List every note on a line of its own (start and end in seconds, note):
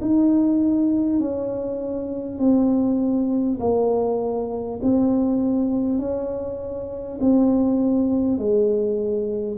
0.00 1.19 D#4
1.19 2.38 C#4
2.38 3.58 C4
3.60 4.80 A#3
4.82 5.98 C4
5.98 7.18 C#4
7.21 8.37 C4
8.37 9.57 G#3